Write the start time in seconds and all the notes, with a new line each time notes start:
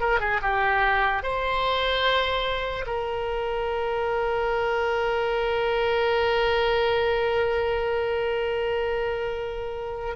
0.00 A#4
0.20 G#4
0.42 G4
1.23 C5
2.86 A#4